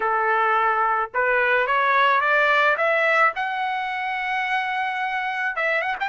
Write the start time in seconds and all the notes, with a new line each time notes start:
0.00 A4
1.14 B4
1.67 C#5
2.20 D5
2.77 E5
3.35 F#5
5.56 E5
5.81 F#5
6.00 G5